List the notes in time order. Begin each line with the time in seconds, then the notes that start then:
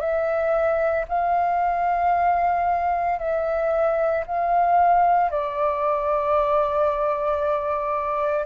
0.00 E5
1.09 F5
3.19 E5
4.27 F5
5.31 D5